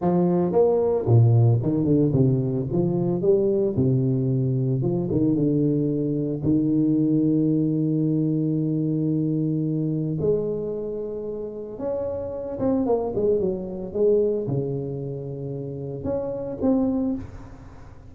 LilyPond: \new Staff \with { instrumentName = "tuba" } { \time 4/4 \tempo 4 = 112 f4 ais4 ais,4 dis8 d8 | c4 f4 g4 c4~ | c4 f8 dis8 d2 | dis1~ |
dis2. gis4~ | gis2 cis'4. c'8 | ais8 gis8 fis4 gis4 cis4~ | cis2 cis'4 c'4 | }